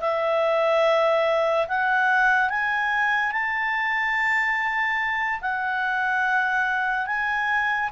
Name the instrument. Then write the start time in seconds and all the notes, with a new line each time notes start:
clarinet
0.00 E5
1.68 F#5
2.49 G#5
3.31 A5
5.41 F#5
7.06 G#5